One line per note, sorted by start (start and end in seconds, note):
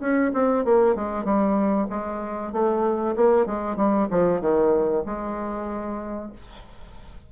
0.00 0.32 C#4
0.34 0.65 C4
0.65 0.95 A#3
0.95 1.24 G#3
1.24 1.87 G3
1.90 2.52 G#3
2.52 3.16 A3
3.16 3.46 A#3
3.46 3.77 G#3
3.77 4.08 G3
4.11 4.41 F3
4.41 5.04 D#3
5.06 6.32 G#3